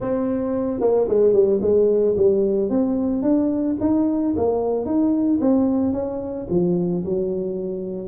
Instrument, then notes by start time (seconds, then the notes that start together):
tuba
0.00 C4
0.80 A#3
1.08 G#3
1.33 G3
1.61 G#3
2.16 G3
2.69 C4
3.22 D4
3.80 D#4
4.36 A#3
4.85 D#4
5.40 C4
5.92 C#4
6.49 F3
7.05 F#3